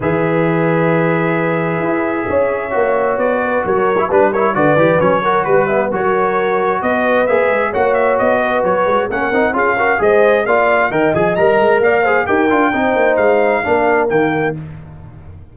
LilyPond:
<<
  \new Staff \with { instrumentName = "trumpet" } { \time 4/4 \tempo 4 = 132 e''1~ | e''2. d''4 | cis''4 b'8 cis''8 d''4 cis''4 | b'4 cis''2 dis''4 |
e''4 fis''8 e''8 dis''4 cis''4 | fis''4 f''4 dis''4 f''4 | g''8 gis''8 ais''4 f''4 g''4~ | g''4 f''2 g''4 | }
  \new Staff \with { instrumentName = "horn" } { \time 4/4 b'1~ | b'4 cis''2~ cis''8 b'8 | ais'4 b'8 ais'8 b'4. ais'8 | b'8 e''8 ais'2 b'4~ |
b'4 cis''4. b'4. | ais'4 gis'8 ais'8 c''4 d''4 | dis''2 d''8 c''8 ais'4 | c''2 ais'2 | }
  \new Staff \with { instrumentName = "trombone" } { \time 4/4 gis'1~ | gis'2 fis'2~ | fis'8. e'16 d'8 e'8 fis'8 g'8 cis'8 fis'8~ | fis'8 b8 fis'2. |
gis'4 fis'2. | cis'8 dis'8 f'8 fis'8 gis'4 f'4 | ais'8 gis'8 ais'4. gis'8 g'8 f'8 | dis'2 d'4 ais4 | }
  \new Staff \with { instrumentName = "tuba" } { \time 4/4 e1 | e'4 cis'4 ais4 b4 | fis4 g4 d8 e8 fis4 | g4 fis2 b4 |
ais8 gis8 ais4 b4 fis8 gis8 | ais8 c'8 cis'4 gis4 ais4 | dis8 f8 g8 gis8 ais4 dis'8 d'8 | c'8 ais8 gis4 ais4 dis4 | }
>>